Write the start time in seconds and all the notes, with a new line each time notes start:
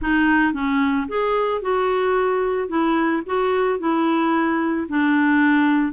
0.01 D#4
0.53 C#4
1.08 G#4
1.61 F#4
2.68 E4
3.26 F#4
3.79 E4
4.88 D4